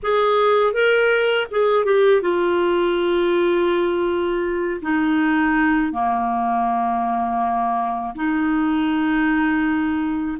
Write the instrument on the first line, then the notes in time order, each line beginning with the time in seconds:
clarinet
0.02 G#4
0.73 A#4
1.50 G#4
1.85 G4
2.21 F4
4.81 D#4
5.92 A#3
8.15 D#4